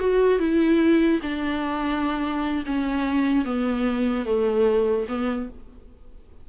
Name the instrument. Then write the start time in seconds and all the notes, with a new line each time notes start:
viola
0.00 F#4
0.40 E4
1.23 D4
2.66 C#4
3.45 B3
4.26 A3
5.09 B3